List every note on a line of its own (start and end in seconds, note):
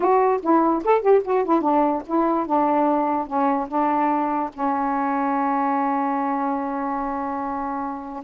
0.00 0.41 F#4
0.42 0.83 E4
0.84 1.01 A4
1.01 1.22 G4
1.24 1.44 F#4
1.44 1.61 E4
1.61 2.02 D4
2.06 2.46 E4
2.46 3.26 D4
3.26 3.67 C#4
3.68 4.50 D4
4.53 8.23 C#4